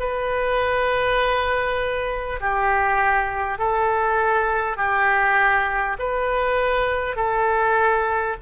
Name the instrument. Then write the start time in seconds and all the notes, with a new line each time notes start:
oboe
0.00 B4
2.41 G4
3.59 A4
4.77 G4
5.99 B4
7.16 A4